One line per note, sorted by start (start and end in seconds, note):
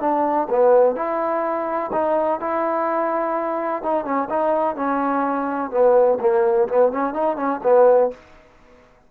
0.00 0.48 D4
0.50 0.95 B3
0.95 1.91 E4
1.92 2.40 D#4
2.40 3.83 E4
3.83 4.05 D#4
4.05 4.29 C#4
4.29 4.76 D#4
4.76 5.71 C#4
5.71 6.18 B3
6.20 6.68 A#3
6.68 6.92 B3
6.92 7.13 C#4
7.13 7.36 D#4
7.36 7.60 C#4
7.63 8.11 B3